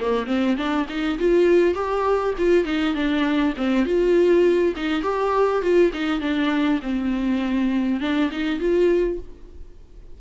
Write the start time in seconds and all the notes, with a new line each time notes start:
0.00 A#3
0.27 C4
0.57 D4
0.89 D#4
1.19 F4
1.74 G4
2.38 F4
2.65 D#4
2.94 D4
3.57 C4
3.85 F4
4.76 D#4
5.03 G4
5.62 F4
5.94 D#4
6.21 D4
6.82 C4
8.01 D4
8.31 D#4
8.59 F4